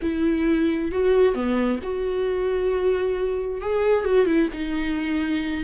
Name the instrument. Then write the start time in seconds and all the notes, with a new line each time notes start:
viola
0.02 E4
0.91 F#4
1.34 B3
1.82 F#4
3.61 G#4
4.05 F#4
4.26 E4
4.53 D#4